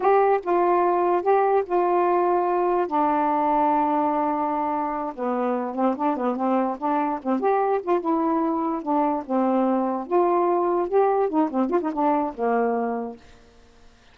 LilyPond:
\new Staff \with { instrumentName = "saxophone" } { \time 4/4 \tempo 4 = 146 g'4 f'2 g'4 | f'2. d'4~ | d'1~ | d'8 b4. c'8 d'8 b8 c'8~ |
c'8 d'4 c'8 g'4 f'8 e'8~ | e'4. d'4 c'4.~ | c'8 f'2 g'4 dis'8 | c'8 f'16 dis'16 d'4 ais2 | }